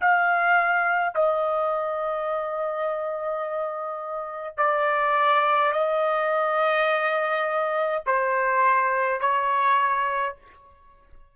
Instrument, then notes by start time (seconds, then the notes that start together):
trumpet
0.00 F5
1.14 D#5
4.56 D5
5.72 D#5
8.06 C5
9.20 C#5